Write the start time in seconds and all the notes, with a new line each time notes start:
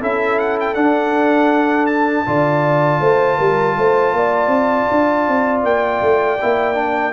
0.00 C#4 E4 A4 E5
0.39 F#5
0.60 G5
0.74 D4 F#5
1.86 A5
2.26 D3 F4 D5
3.00 A3 C5
3.37 G3 A#4
3.78 A3 C5
4.13 A#3 D5
4.47 C4
4.91 D4
5.28 C4
5.63 A#3 G5
6.01 A3
6.41 A#3 E4
6.74 D4